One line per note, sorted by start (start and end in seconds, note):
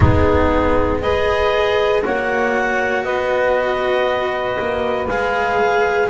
0.00 2.02 G#3
0.00 1.03 B3
0.00 1.00 D#4
0.00 1.00 G#4
1.00 2.01 G#4
1.00 2.03 B4
1.00 2.02 D#5
2.01 3.04 A#3
2.01 5.06 F#4
2.01 3.04 C#5
2.01 3.04 F#5
3.04 4.57 B3
3.04 6.09 B4
3.04 5.07 D#5
4.59 5.07 A#3
5.07 6.09 G#3
5.07 6.10 G#4
5.07 6.10 F5